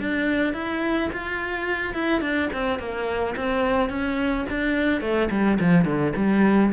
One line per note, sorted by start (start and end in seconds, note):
0.00 0.54 D4
0.54 1.10 E4
1.13 1.94 F4
1.94 2.21 E4
2.21 2.50 D4
2.53 2.79 C4
2.79 3.35 A#3
3.36 3.90 C4
3.90 4.46 C#4
4.50 5.01 D4
5.01 5.29 A3
5.31 5.59 G3
5.60 5.85 F3
5.85 6.13 D3
6.16 6.72 G3